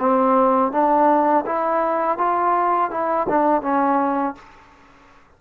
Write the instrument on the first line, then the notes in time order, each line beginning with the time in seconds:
trombone
0.00 C4
0.72 D4
1.46 E4
2.18 F4
2.91 E4
3.30 D4
3.63 C#4